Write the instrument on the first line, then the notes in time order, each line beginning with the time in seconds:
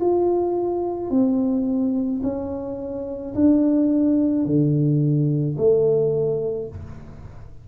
tuba
0.00 F4
1.10 C4
2.23 C#4
3.34 D4
4.45 D3
5.57 A3